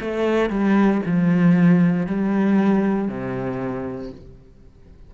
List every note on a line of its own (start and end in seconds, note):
0.00 0.49 A3
0.49 1.01 G3
1.06 2.06 F3
2.06 3.08 G3
3.08 4.11 C3